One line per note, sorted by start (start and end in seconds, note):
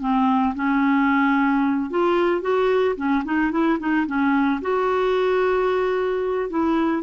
0.00 0.54 C4
0.55 1.90 C#4
1.90 2.41 F4
2.41 2.95 F#4
2.96 3.23 C#4
3.24 3.51 D#4
3.51 3.78 E4
3.79 4.06 D#4
4.06 4.60 C#4
4.61 6.49 F#4
6.49 7.02 E4